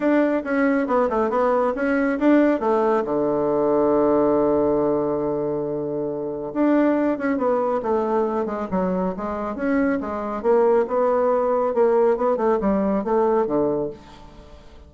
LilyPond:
\new Staff \with { instrumentName = "bassoon" } { \time 4/4 \tempo 4 = 138 d'4 cis'4 b8 a8 b4 | cis'4 d'4 a4 d4~ | d1~ | d2. d'4~ |
d'8 cis'8 b4 a4. gis8 | fis4 gis4 cis'4 gis4 | ais4 b2 ais4 | b8 a8 g4 a4 d4 | }